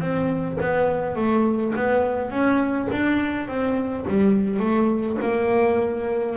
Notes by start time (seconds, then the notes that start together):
0.00 C4
0.61 B3
1.16 A3
1.76 B3
2.30 C#4
2.92 D4
3.48 C4
4.08 G3
4.60 A3
5.21 A#3